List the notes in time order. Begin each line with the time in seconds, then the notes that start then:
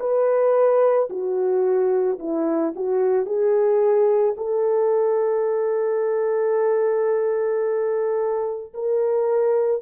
0.00 B4
1.10 F#4
2.20 E4
2.76 F#4
3.26 G#4
4.37 A4
8.74 A#4